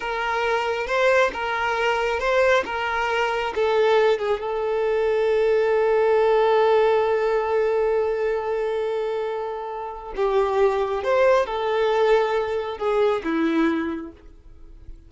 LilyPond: \new Staff \with { instrumentName = "violin" } { \time 4/4 \tempo 4 = 136 ais'2 c''4 ais'4~ | ais'4 c''4 ais'2 | a'4. gis'8 a'2~ | a'1~ |
a'1~ | a'2. g'4~ | g'4 c''4 a'2~ | a'4 gis'4 e'2 | }